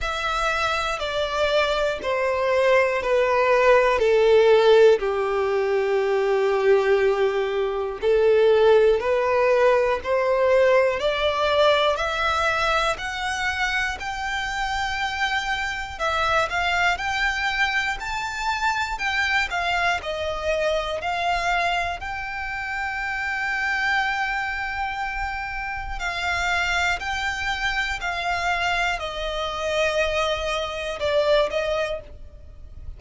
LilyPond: \new Staff \with { instrumentName = "violin" } { \time 4/4 \tempo 4 = 60 e''4 d''4 c''4 b'4 | a'4 g'2. | a'4 b'4 c''4 d''4 | e''4 fis''4 g''2 |
e''8 f''8 g''4 a''4 g''8 f''8 | dis''4 f''4 g''2~ | g''2 f''4 g''4 | f''4 dis''2 d''8 dis''8 | }